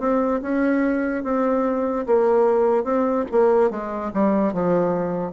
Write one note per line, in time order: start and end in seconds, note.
0.00 0.41 C4
0.42 1.24 C#4
1.24 2.06 C4
2.07 2.84 A#3
2.84 3.25 C4
3.32 3.71 A#3
3.71 4.12 G#3
4.14 4.54 G3
4.54 5.33 F3